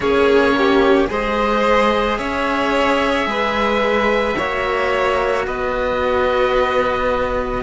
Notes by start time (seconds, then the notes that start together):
0.00 A#3 C#4 G#4 C#5
0.57 G4
1.07 G#3 G#4 C5 D#5
2.17 C#4 C#5 E5
3.26 G#3 B4
4.37 A#3 F#4 C#5
5.46 B3 B4 D#5